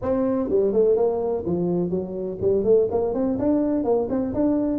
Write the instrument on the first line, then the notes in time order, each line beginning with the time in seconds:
tuba
0.02 C4
0.49 G3
0.72 A3
0.96 A#3
1.46 F3
1.90 F#3
2.41 G3
2.64 A3
2.90 A#3
3.14 C4
3.38 D4
3.84 A#3
4.09 C4
4.34 D4